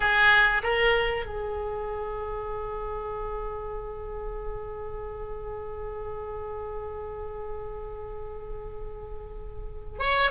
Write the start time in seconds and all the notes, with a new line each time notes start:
0.00 G#4
0.63 A#4
1.25 G#4
9.99 C#5